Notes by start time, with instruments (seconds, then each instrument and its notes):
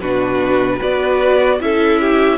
0.00 cello B2, viola D4, violin F#4 B4
0.76 viola F#4, violin B4
0.82 cello B3, violin D5
1.60 cello C#4, viola E4, violin A4 E5
2.01 violin G4